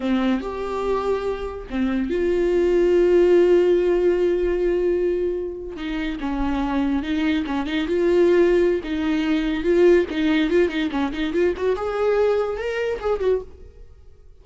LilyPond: \new Staff \with { instrumentName = "viola" } { \time 4/4 \tempo 4 = 143 c'4 g'2. | c'4 f'2.~ | f'1~ | f'4.~ f'16 dis'4 cis'4~ cis'16~ |
cis'8. dis'4 cis'8 dis'8 f'4~ f'16~ | f'4 dis'2 f'4 | dis'4 f'8 dis'8 cis'8 dis'8 f'8 fis'8 | gis'2 ais'4 gis'8 fis'8 | }